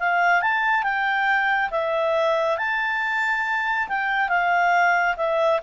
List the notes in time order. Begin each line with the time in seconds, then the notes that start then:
0.00 F5
0.42 A5
0.83 G5
1.71 E5
2.58 A5
3.89 G5
4.29 F5
5.17 E5